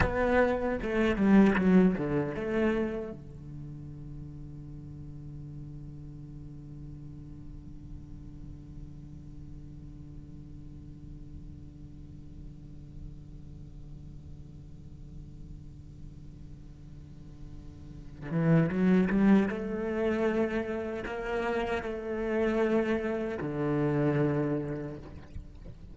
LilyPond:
\new Staff \with { instrumentName = "cello" } { \time 4/4 \tempo 4 = 77 b4 a8 g8 fis8 d8 a4 | d1~ | d1~ | d1~ |
d1~ | d2.~ d8 e8 | fis8 g8 a2 ais4 | a2 d2 | }